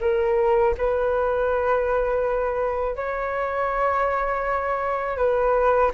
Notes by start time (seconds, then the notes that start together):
0.00 A#4
0.77 B4
2.96 C#5
5.17 B4